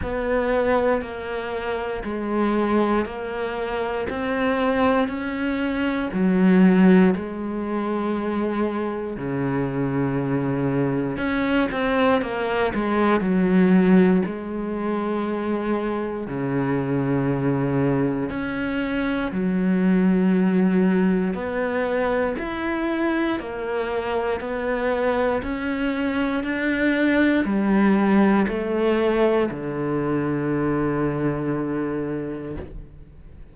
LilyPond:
\new Staff \with { instrumentName = "cello" } { \time 4/4 \tempo 4 = 59 b4 ais4 gis4 ais4 | c'4 cis'4 fis4 gis4~ | gis4 cis2 cis'8 c'8 | ais8 gis8 fis4 gis2 |
cis2 cis'4 fis4~ | fis4 b4 e'4 ais4 | b4 cis'4 d'4 g4 | a4 d2. | }